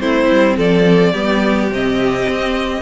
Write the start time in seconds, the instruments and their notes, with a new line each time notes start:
0.00 cello A3, viola C4, violin E4 C5
0.31 cello G3
0.57 cello F3, violin A4 D5
1.13 cello G3, viola B3, violin G4
1.71 cello C3, viola C4, violin D#5
2.29 cello C4